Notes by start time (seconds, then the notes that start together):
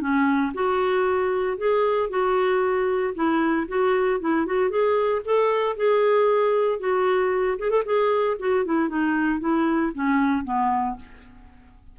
0.00 C#4
0.54 F#4
1.57 G#4
2.09 F#4
3.14 E4
3.68 F#4
4.20 E4
4.45 F#4
4.70 G#4
5.25 A4
5.76 G#4
6.79 F#4
7.58 G#4
7.70 A4
7.85 G#4
8.39 F#4
8.65 E4
8.88 D#4
9.40 E4
9.94 C#4
10.44 B3